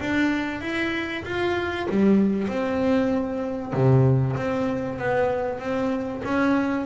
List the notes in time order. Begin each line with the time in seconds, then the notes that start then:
0.00 D4
0.61 E4
1.24 F4
1.89 G3
2.48 C4
3.73 C3
4.36 C4
4.98 B3
5.59 C4
6.24 C#4